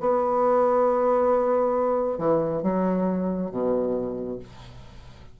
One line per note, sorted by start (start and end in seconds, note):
0.00 2.18 B3
2.18 2.62 E3
2.62 3.51 F#3
3.51 4.39 B2